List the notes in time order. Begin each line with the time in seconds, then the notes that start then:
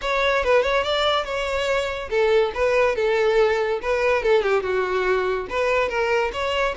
0.01 C#5
0.43 B4
0.62 C#5
0.83 D5
1.24 C#5
2.09 A4
2.54 B4
2.95 A4
3.81 B4
4.22 A4
4.42 G4
4.62 F#4
5.49 B4
5.88 A#4
6.32 C#5